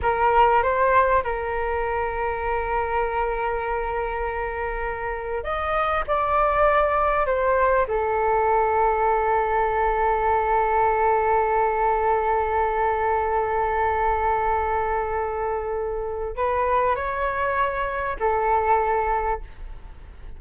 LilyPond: \new Staff \with { instrumentName = "flute" } { \time 4/4 \tempo 4 = 99 ais'4 c''4 ais'2~ | ais'1~ | ais'4 dis''4 d''2 | c''4 a'2.~ |
a'1~ | a'1~ | a'2. b'4 | cis''2 a'2 | }